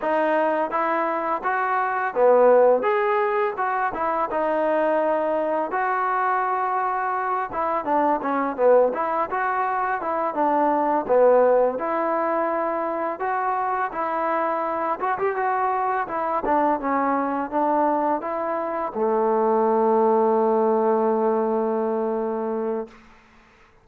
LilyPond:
\new Staff \with { instrumentName = "trombone" } { \time 4/4 \tempo 4 = 84 dis'4 e'4 fis'4 b4 | gis'4 fis'8 e'8 dis'2 | fis'2~ fis'8 e'8 d'8 cis'8 | b8 e'8 fis'4 e'8 d'4 b8~ |
b8 e'2 fis'4 e'8~ | e'4 fis'16 g'16 fis'4 e'8 d'8 cis'8~ | cis'8 d'4 e'4 a4.~ | a1 | }